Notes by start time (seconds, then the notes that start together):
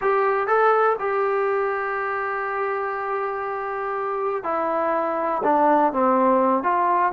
0.01 G4
0.47 A4
0.99 G4
4.43 E4
5.43 D4
5.92 C4
6.63 F4